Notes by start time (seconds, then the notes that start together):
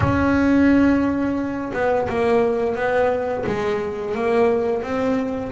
0.00 C#4
1.73 B3
2.09 A#3
2.75 B3
3.46 G#3
4.14 A#3
4.82 C4